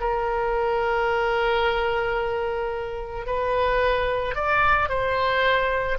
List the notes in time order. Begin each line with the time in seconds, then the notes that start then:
0.00 A#4
3.26 B4
4.35 D5
4.88 C5